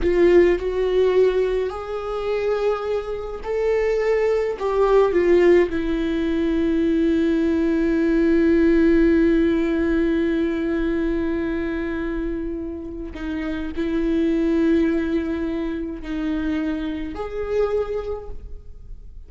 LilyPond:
\new Staff \with { instrumentName = "viola" } { \time 4/4 \tempo 4 = 105 f'4 fis'2 gis'4~ | gis'2 a'2 | g'4 f'4 e'2~ | e'1~ |
e'1~ | e'2. dis'4 | e'1 | dis'2 gis'2 | }